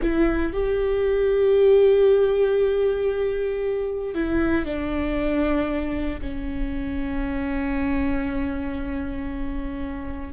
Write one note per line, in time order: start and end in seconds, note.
0.02 0.52 E4
0.52 4.14 G4
4.14 4.65 E4
4.65 6.20 D4
6.21 10.33 C#4